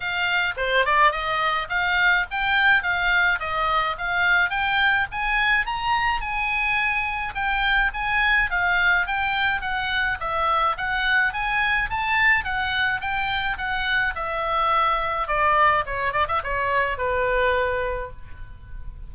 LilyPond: \new Staff \with { instrumentName = "oboe" } { \time 4/4 \tempo 4 = 106 f''4 c''8 d''8 dis''4 f''4 | g''4 f''4 dis''4 f''4 | g''4 gis''4 ais''4 gis''4~ | gis''4 g''4 gis''4 f''4 |
g''4 fis''4 e''4 fis''4 | gis''4 a''4 fis''4 g''4 | fis''4 e''2 d''4 | cis''8 d''16 e''16 cis''4 b'2 | }